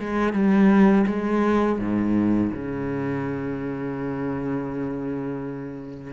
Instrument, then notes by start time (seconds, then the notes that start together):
cello
0.00 G#3
0.34 G3
1.07 G#3
1.80 G#2
2.53 C#3